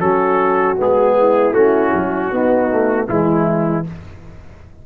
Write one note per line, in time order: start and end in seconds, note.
0.00 0.78 F#3
0.00 0.77 C#4
0.00 1.17 F#4
0.00 0.77 A4
0.77 1.52 G#3
0.77 1.54 B3
0.77 1.54 G#4
1.18 2.32 E4
1.52 1.91 A3
1.52 2.32 C#4
1.52 3.08 F#4
1.94 2.32 F#3
2.32 2.70 B3
2.32 3.08 B3
2.32 3.09 D#4
2.70 3.08 A3
3.08 3.87 E3
3.08 3.85 G#3
3.08 3.86 E4